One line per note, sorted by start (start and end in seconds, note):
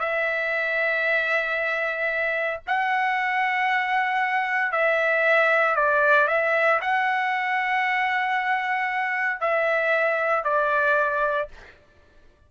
0.00 2.61 E5
2.68 4.72 F#5
4.72 5.76 E5
5.76 6.28 D5
6.28 6.80 E5
6.82 9.41 F#5
9.41 10.44 E5
10.44 11.49 D5